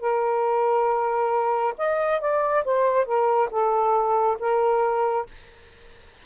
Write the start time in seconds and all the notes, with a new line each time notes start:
0.00 A#4
1.78 D#5
2.20 D5
2.64 C5
3.05 A#4
3.50 A4
4.39 A#4